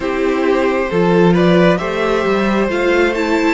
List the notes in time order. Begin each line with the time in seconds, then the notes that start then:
0.00 C4 E4 G4 C5
0.90 F3 F4 A4
1.33 B4 D5
1.77 A3 G4 C5 E5
2.26 G3
2.69 A3 F4 F5
3.14 E4 A5